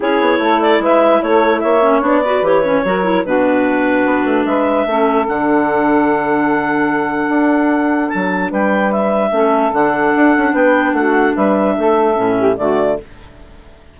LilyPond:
<<
  \new Staff \with { instrumentName = "clarinet" } { \time 4/4 \tempo 4 = 148 cis''4. d''8 e''4 cis''4 | e''4 d''4 cis''2 | b'2. e''4~ | e''4 fis''2.~ |
fis''1 | a''4 g''4 e''2 | fis''2 g''4 fis''4 | e''2. d''4 | }
  \new Staff \with { instrumentName = "saxophone" } { \time 4/4 gis'4 a'4 b'4 a'4 | cis''4. b'4. ais'4 | fis'2. b'4 | a'1~ |
a'1~ | a'4 b'2 a'4~ | a'2 b'4 fis'4 | b'4 a'4. g'8 fis'4 | }
  \new Staff \with { instrumentName = "clarinet" } { \time 4/4 e'1~ | e'8 cis'8 d'8 fis'8 g'8 cis'8 fis'8 e'8 | d'1 | cis'4 d'2.~ |
d'1~ | d'2. cis'4 | d'1~ | d'2 cis'4 a4 | }
  \new Staff \with { instrumentName = "bassoon" } { \time 4/4 cis'8 b8 a4 gis4 a4 | ais4 b4 e4 fis4 | b,2 b8 a8 gis4 | a4 d2.~ |
d2 d'2 | fis4 g2 a4 | d4 d'8 cis'8 b4 a4 | g4 a4 a,4 d4 | }
>>